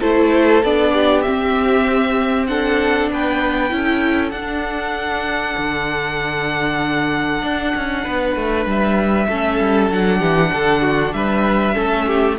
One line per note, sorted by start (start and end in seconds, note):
0.00 0.62 A3
0.00 0.62 E4
0.00 0.92 A4
0.00 0.63 C5
0.62 1.24 B3
0.62 1.24 D4
0.62 1.22 D5
0.92 2.47 G4
1.22 2.48 C4
1.22 3.10 C4
1.22 2.45 E5
2.47 3.69 D4
2.47 3.11 A4
2.47 3.09 F#5
3.10 3.71 B3
3.10 3.75 B4
3.10 4.30 G5
3.69 4.31 C#4
3.69 4.31 E4
3.69 8.04 A4
4.30 5.55 D4
4.30 9.30 D4
4.30 8.63 F#5
5.57 7.43 D3
7.43 7.73 D4
7.75 8.06 C#4
8.04 8.36 B3
8.04 9.27 B4
8.36 8.65 A3
8.65 9.27 G3
8.65 9.92 E5
9.28 9.59 A3
9.28 9.90 C#4
9.28 10.19 A4
9.59 9.90 G3
9.90 10.20 F#3
9.90 11.73 D4
9.90 11.12 F#5
10.19 10.51 E3
10.19 10.50 G4
10.52 11.13 D3
10.52 10.81 A4
10.81 11.12 F#4
11.12 11.74 G3
11.12 11.74 B4
11.12 12.36 E5
11.73 12.38 A3
11.73 12.35 C#4
11.73 12.05 A4
12.06 12.37 G4